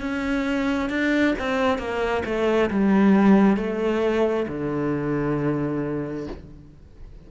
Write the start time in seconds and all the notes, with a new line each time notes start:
0.00 C#4
0.89 D4
1.38 C4
1.78 A#3
2.25 A3
2.70 G3
3.57 A3
4.48 D3